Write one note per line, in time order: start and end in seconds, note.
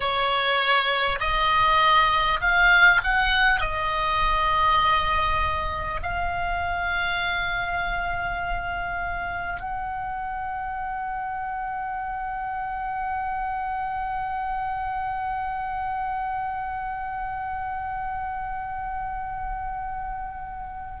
0.00 1.19 C#5
1.19 2.39 D#5
2.41 3.01 F5
3.03 3.60 F#5
3.60 6.00 D#5
6.02 9.60 F5
9.60 21.00 F#5